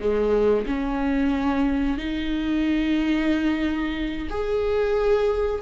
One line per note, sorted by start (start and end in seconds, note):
0.00 0.66 G#3
0.67 1.98 C#4
1.98 4.29 D#4
4.30 5.62 G#4